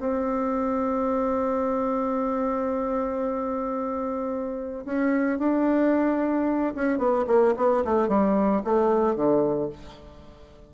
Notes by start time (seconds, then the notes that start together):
0.00 C4
4.86 C#4
5.39 D4
6.75 C#4
6.99 B3
7.27 A#3
7.57 B3
7.85 A3
8.09 G3
8.64 A3
9.16 D3